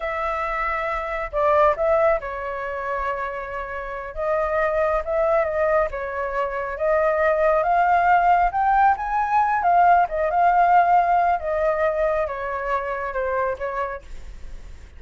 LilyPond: \new Staff \with { instrumentName = "flute" } { \time 4/4 \tempo 4 = 137 e''2. d''4 | e''4 cis''2.~ | cis''4. dis''2 e''8~ | e''8 dis''4 cis''2 dis''8~ |
dis''4. f''2 g''8~ | g''8 gis''4. f''4 dis''8 f''8~ | f''2 dis''2 | cis''2 c''4 cis''4 | }